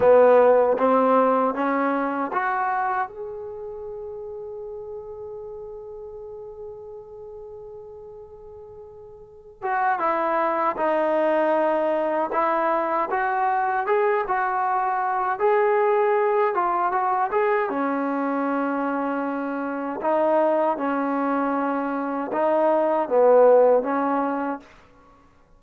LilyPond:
\new Staff \with { instrumentName = "trombone" } { \time 4/4 \tempo 4 = 78 b4 c'4 cis'4 fis'4 | gis'1~ | gis'1~ | gis'8 fis'8 e'4 dis'2 |
e'4 fis'4 gis'8 fis'4. | gis'4. f'8 fis'8 gis'8 cis'4~ | cis'2 dis'4 cis'4~ | cis'4 dis'4 b4 cis'4 | }